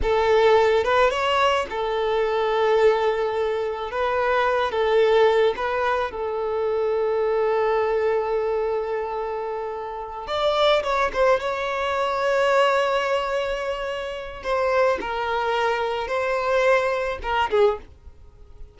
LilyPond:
\new Staff \with { instrumentName = "violin" } { \time 4/4 \tempo 4 = 108 a'4. b'8 cis''4 a'4~ | a'2. b'4~ | b'8 a'4. b'4 a'4~ | a'1~ |
a'2~ a'8 d''4 cis''8 | c''8 cis''2.~ cis''8~ | cis''2 c''4 ais'4~ | ais'4 c''2 ais'8 gis'8 | }